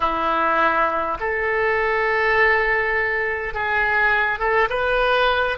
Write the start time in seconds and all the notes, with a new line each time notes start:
0.00 E4
1.20 A4
3.53 G#4
4.39 A4
4.70 B4